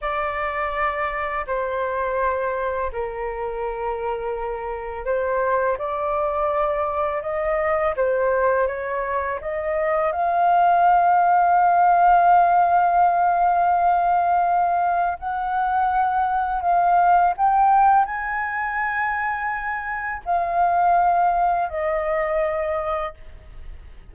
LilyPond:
\new Staff \with { instrumentName = "flute" } { \time 4/4 \tempo 4 = 83 d''2 c''2 | ais'2. c''4 | d''2 dis''4 c''4 | cis''4 dis''4 f''2~ |
f''1~ | f''4 fis''2 f''4 | g''4 gis''2. | f''2 dis''2 | }